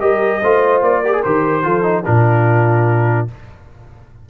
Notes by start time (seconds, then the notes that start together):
0.00 G3 G4 A#4 D#5
0.41 A3 F4 C5
0.81 A#3 D5
1.02 G4 A#4
1.13 G#4
1.23 D#3 G4 C5
1.62 F3 F4 A4
1.82 D#4
2.05 A#2 D4 F4 A#4